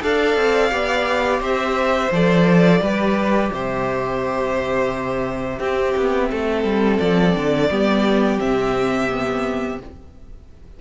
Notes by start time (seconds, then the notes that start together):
0.00 D4 A4 D5 F5
0.36 C4
0.69 B3 G4
1.40 C4 C5 E5
2.11 F3 A4 D5
2.81 G3 G4 B4
3.51 C3 C5 E5
5.59 C4 G4
5.97 B3
6.30 A3 A4
6.64 G3
6.99 F3 D5
7.35 D3
7.70 G3 B3 G4
8.38 C3 C4 E5
9.10 B3